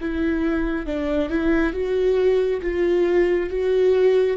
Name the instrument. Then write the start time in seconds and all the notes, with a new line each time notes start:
viola
0.00 E4
0.86 D4
1.29 E4
1.72 F#4
2.61 F4
3.49 F#4